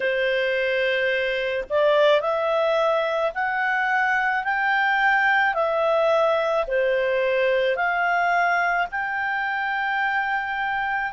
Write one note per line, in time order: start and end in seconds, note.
0.00 1.64 C5
1.69 2.20 D5
2.20 3.31 E5
3.34 4.44 F#5
4.44 5.54 G5
5.54 6.65 E5
6.67 7.75 C5
7.75 8.86 F5
8.91 11.12 G5